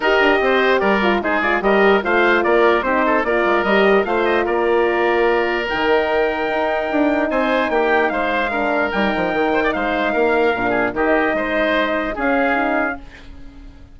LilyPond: <<
  \new Staff \with { instrumentName = "trumpet" } { \time 4/4 \tempo 4 = 148 dis''2 d''4 c''8 d''8 | dis''4 f''4 d''4 c''4 | d''4 dis''4 f''8 dis''8 d''4~ | d''2 g''2~ |
g''2 gis''4 g''4 | f''2 g''2 | f''2. dis''4~ | dis''2 f''2 | }
  \new Staff \with { instrumentName = "oboe" } { \time 4/4 ais'4 c''4 ais'4 gis'4 | ais'4 c''4 ais'4 g'8 a'8 | ais'2 c''4 ais'4~ | ais'1~ |
ais'2 c''4 g'4 | c''4 ais'2~ ais'8 c''16 d''16 | c''4 ais'4. gis'8 g'4 | c''2 gis'2 | }
  \new Staff \with { instrumentName = "horn" } { \time 4/4 g'2~ g'8 f'8 dis'8 f'8 | g'4 f'2 dis'4 | f'4 g'4 f'2~ | f'2 dis'2~ |
dis'1~ | dis'4 d'4 dis'2~ | dis'2 d'4 dis'4~ | dis'2 cis'4 dis'4 | }
  \new Staff \with { instrumentName = "bassoon" } { \time 4/4 dis'8 d'8 c'4 g4 gis4 | g4 a4 ais4 c'4 | ais8 gis8 g4 a4 ais4~ | ais2 dis2 |
dis'4 d'4 c'4 ais4 | gis2 g8 f8 dis4 | gis4 ais4 ais,4 dis4 | gis2 cis'2 | }
>>